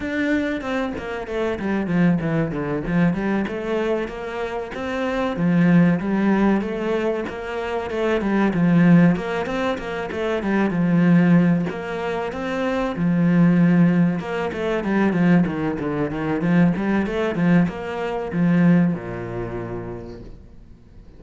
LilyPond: \new Staff \with { instrumentName = "cello" } { \time 4/4 \tempo 4 = 95 d'4 c'8 ais8 a8 g8 f8 e8 | d8 f8 g8 a4 ais4 c'8~ | c'8 f4 g4 a4 ais8~ | ais8 a8 g8 f4 ais8 c'8 ais8 |
a8 g8 f4. ais4 c'8~ | c'8 f2 ais8 a8 g8 | f8 dis8 d8 dis8 f8 g8 a8 f8 | ais4 f4 ais,2 | }